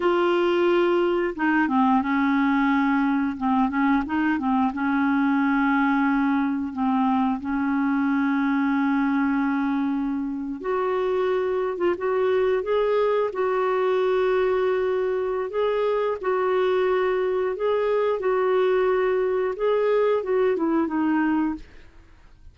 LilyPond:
\new Staff \with { instrumentName = "clarinet" } { \time 4/4 \tempo 4 = 89 f'2 dis'8 c'8 cis'4~ | cis'4 c'8 cis'8 dis'8 c'8 cis'4~ | cis'2 c'4 cis'4~ | cis'2.~ cis'8. fis'16~ |
fis'4. f'16 fis'4 gis'4 fis'16~ | fis'2. gis'4 | fis'2 gis'4 fis'4~ | fis'4 gis'4 fis'8 e'8 dis'4 | }